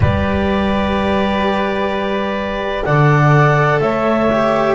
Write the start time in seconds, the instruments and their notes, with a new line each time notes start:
0.00 double bass G3, cello G4, flute B4, clarinet D5
2.84 double bass D3, cello A4, flute D5, clarinet F#5
3.80 double bass A3, flute C#5, clarinet E5
4.32 cello G4